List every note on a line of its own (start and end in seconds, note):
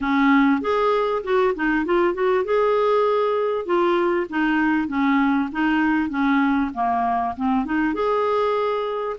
0.00 0.61 C#4
0.61 1.22 G#4
1.23 1.54 F#4
1.55 1.85 D#4
1.85 2.13 F4
2.13 2.44 F#4
2.44 3.65 G#4
3.65 4.26 F4
4.29 4.88 D#4
4.88 5.49 C#4
5.52 6.09 D#4
6.09 6.70 C#4
6.74 7.35 A#3
7.36 7.65 C4
7.65 7.94 D#4
7.94 9.16 G#4